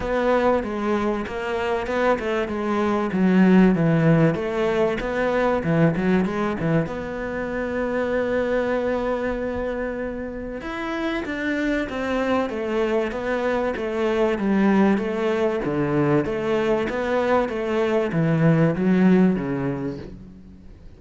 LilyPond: \new Staff \with { instrumentName = "cello" } { \time 4/4 \tempo 4 = 96 b4 gis4 ais4 b8 a8 | gis4 fis4 e4 a4 | b4 e8 fis8 gis8 e8 b4~ | b1~ |
b4 e'4 d'4 c'4 | a4 b4 a4 g4 | a4 d4 a4 b4 | a4 e4 fis4 cis4 | }